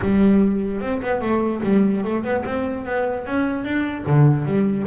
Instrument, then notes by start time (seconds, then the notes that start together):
double bass
0.01 G3
0.81 C4
1.02 B3
1.21 A3
1.63 G3
2.03 A3
2.23 B3
2.45 C4
2.85 B3
3.25 C#4
3.64 D4
4.06 D3
4.45 G3